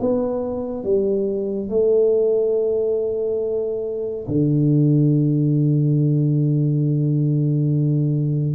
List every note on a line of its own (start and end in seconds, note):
0.00 0.84 B3
0.84 1.69 G3
1.69 4.27 A3
4.28 8.56 D3